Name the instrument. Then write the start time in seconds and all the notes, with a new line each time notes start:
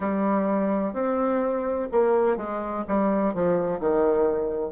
bassoon
0.00 G3
0.93 C4
1.91 A#3
2.36 G#3
2.88 G3
3.33 F3
3.79 D#3